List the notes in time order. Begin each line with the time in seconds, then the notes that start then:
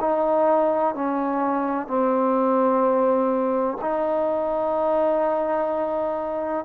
0.00 D#4
0.95 C#4
1.87 C4
3.81 D#4